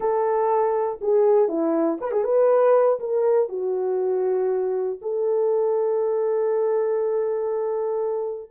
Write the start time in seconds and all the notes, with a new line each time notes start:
0.00 A4
1.01 G#4
1.48 E4
2.00 B4
2.11 G#4
2.24 B4
2.99 A#4
3.49 F#4
5.01 A4